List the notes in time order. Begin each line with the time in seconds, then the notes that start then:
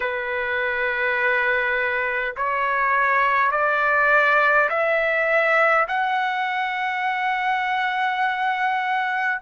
0.00 B4
2.36 C#5
3.51 D5
4.69 E5
5.88 F#5